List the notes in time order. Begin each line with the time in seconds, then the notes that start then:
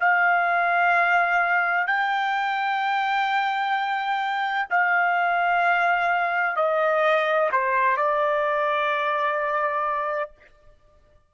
0.00 F5
1.87 G5
4.70 F5
6.56 D#5
7.52 C5
7.96 D5